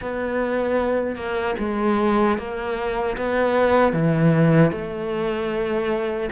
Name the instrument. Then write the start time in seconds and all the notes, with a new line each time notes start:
cello
0.01 B3
1.16 A#3
1.59 G#3
2.38 A#3
3.17 B3
3.92 E3
4.72 A3